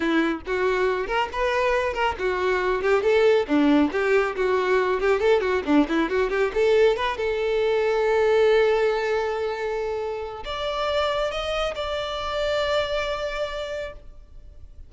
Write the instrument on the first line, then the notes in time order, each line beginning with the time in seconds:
violin
0.00 E4
0.46 F#4
1.07 A#4
1.32 B4
1.93 A#4
2.19 F#4
2.82 G4
3.02 A4
3.47 D4
3.92 G4
4.36 F#4
5.00 G4
5.20 A4
5.40 F#4
5.65 D4
5.88 E4
6.09 F#4
6.30 G4
6.54 A4
6.96 B4
7.17 A4
10.44 D5
11.31 D#5
11.75 D5